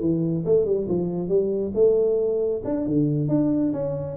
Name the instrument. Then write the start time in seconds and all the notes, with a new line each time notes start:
tuba
0.00 E3
0.45 A3
0.65 G3
0.88 F3
1.28 G3
1.74 A3
2.64 D4
2.86 D3
3.28 D4
3.73 C#4